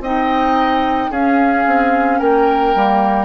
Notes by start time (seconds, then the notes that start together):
0.00 C4 D#4 D#5 G5
1.10 C#4 G#4 F5
1.66 C4
2.19 A#3 A#4 G5
2.75 G3 A#3